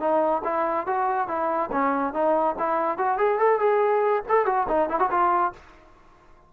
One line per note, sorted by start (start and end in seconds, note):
0.00 0.42 D#4
0.45 0.87 E4
0.87 1.28 F#4
1.28 1.70 E4
1.72 2.14 C#4
2.14 2.56 D#4
2.59 2.98 E4
2.98 3.18 F#4
3.18 3.39 G#4
3.39 3.60 A4
3.60 4.23 G#4
4.29 4.46 A4
4.46 4.67 F#4
4.68 4.90 D#4
4.90 5.00 E4
5.00 5.10 F#4
5.11 5.53 F4